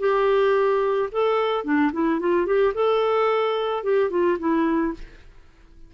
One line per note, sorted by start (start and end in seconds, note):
0.00 1.10 G4
1.12 1.65 A4
1.65 1.92 D4
1.93 2.20 E4
2.20 2.46 F4
2.46 2.74 G4
2.75 3.84 A4
3.84 4.11 G4
4.11 4.38 F4
4.39 4.94 E4